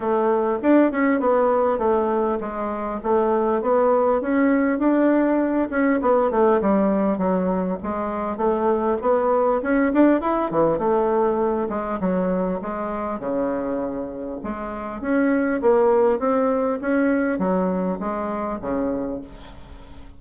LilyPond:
\new Staff \with { instrumentName = "bassoon" } { \time 4/4 \tempo 4 = 100 a4 d'8 cis'8 b4 a4 | gis4 a4 b4 cis'4 | d'4. cis'8 b8 a8 g4 | fis4 gis4 a4 b4 |
cis'8 d'8 e'8 e8 a4. gis8 | fis4 gis4 cis2 | gis4 cis'4 ais4 c'4 | cis'4 fis4 gis4 cis4 | }